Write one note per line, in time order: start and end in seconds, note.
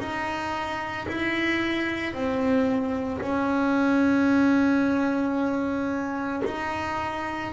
0.00 1.07 D#4
1.09 2.14 E4
2.14 3.21 C4
3.21 6.42 C#4
6.46 7.53 D#4